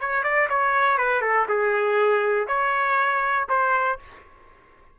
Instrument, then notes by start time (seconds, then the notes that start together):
trumpet
0.00 C#5
0.23 D5
0.50 C#5
0.98 B4
1.22 A4
1.49 G#4
2.48 C#5
3.49 C5